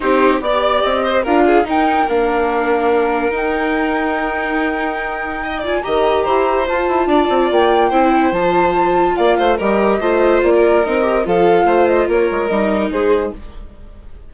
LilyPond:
<<
  \new Staff \with { instrumentName = "flute" } { \time 4/4 \tempo 4 = 144 c''4 d''4 dis''4 f''4 | g''4 f''2. | g''1~ | g''4. gis''8 ais''2 |
a''2 g''2 | a''2 f''4 dis''4~ | dis''4 d''4 dis''4 f''4~ | f''8 dis''8 cis''4 dis''4 c''4 | }
  \new Staff \with { instrumentName = "violin" } { \time 4/4 g'4 d''4. c''8 ais'8 gis'8 | ais'1~ | ais'1~ | ais'4 dis''8 d''8 dis''4 c''4~ |
c''4 d''2 c''4~ | c''2 d''8 c''8 ais'4 | c''4~ c''16 ais'4.~ ais'16 a'4 | c''4 ais'2 gis'4 | }
  \new Staff \with { instrumentName = "viola" } { \time 4/4 dis'4 g'2 f'4 | dis'4 d'2. | dis'1~ | dis'4. f'8 g'2 |
f'2. e'4 | f'2. g'4 | f'2 dis'8 g'8 f'4~ | f'2 dis'2 | }
  \new Staff \with { instrumentName = "bassoon" } { \time 4/4 c'4 b4 c'4 d'4 | dis'4 ais2. | dis'1~ | dis'2 dis4 e'4 |
f'8 e'8 d'8 c'8 ais4 c'4 | f2 ais8 a8 g4 | a4 ais4 c'4 f4 | a4 ais8 gis8 g4 gis4 | }
>>